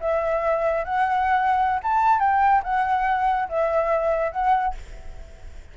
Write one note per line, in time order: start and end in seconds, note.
0.00 0.84 E5
0.84 1.80 F#5
1.83 2.19 A5
2.19 2.62 G5
2.63 3.48 F#5
3.49 4.32 E5
4.32 4.74 F#5